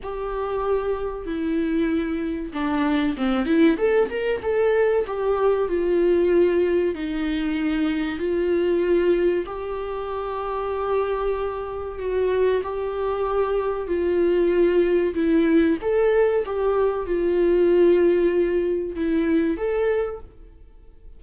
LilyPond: \new Staff \with { instrumentName = "viola" } { \time 4/4 \tempo 4 = 95 g'2 e'2 | d'4 c'8 e'8 a'8 ais'8 a'4 | g'4 f'2 dis'4~ | dis'4 f'2 g'4~ |
g'2. fis'4 | g'2 f'2 | e'4 a'4 g'4 f'4~ | f'2 e'4 a'4 | }